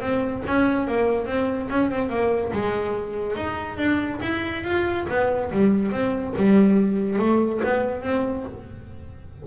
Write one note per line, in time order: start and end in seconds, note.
0.00 0.42 C4
0.46 0.87 C#4
0.87 1.26 A#3
1.26 1.68 C4
1.69 1.90 C#4
1.90 2.09 C4
2.09 2.52 A#3
2.52 3.35 G#3
3.35 3.77 D#4
3.77 4.19 D4
4.22 4.64 E4
4.64 5.06 F4
5.09 5.51 B3
5.51 5.91 G3
5.91 6.33 C4
6.36 7.19 G3
7.19 7.61 A3
7.64 8.02 B3
8.02 8.45 C4